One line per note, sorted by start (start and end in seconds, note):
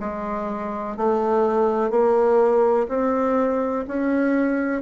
0.00 0.97 G#3
0.97 1.90 A3
1.90 2.87 A#3
2.89 3.85 C4
3.88 4.82 C#4